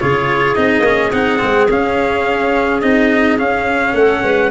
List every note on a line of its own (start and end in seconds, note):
0.00 0.57 C#3
0.00 0.56 F4
0.00 3.97 G#4
0.00 0.55 C#5
0.55 0.80 C4
0.55 0.84 D#4
0.55 1.11 D#5
0.80 1.09 A#3
0.80 1.13 C#4
1.12 1.41 C4
1.12 1.39 D#4
1.12 1.69 F#5
1.39 1.70 G#3
1.39 1.67 C4
1.70 2.82 C#4
1.70 2.81 F5
2.81 3.39 C4
2.81 3.39 D#4
2.81 3.38 D#5
3.39 4.51 C#4
3.39 3.94 C#4
3.39 3.95 F5
3.94 4.22 A3
3.94 4.24 A4
3.94 4.51 F#5
4.23 4.51 G#3
4.23 4.51 B4